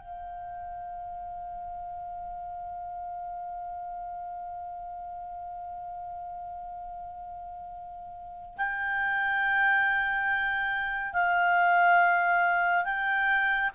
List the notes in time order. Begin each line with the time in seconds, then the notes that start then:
0.00 F5
8.58 G5
11.14 F5
12.85 G5